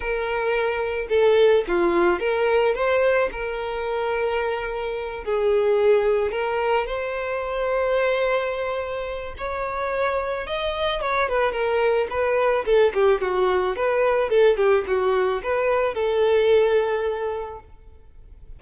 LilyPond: \new Staff \with { instrumentName = "violin" } { \time 4/4 \tempo 4 = 109 ais'2 a'4 f'4 | ais'4 c''4 ais'2~ | ais'4. gis'2 ais'8~ | ais'8 c''2.~ c''8~ |
c''4 cis''2 dis''4 | cis''8 b'8 ais'4 b'4 a'8 g'8 | fis'4 b'4 a'8 g'8 fis'4 | b'4 a'2. | }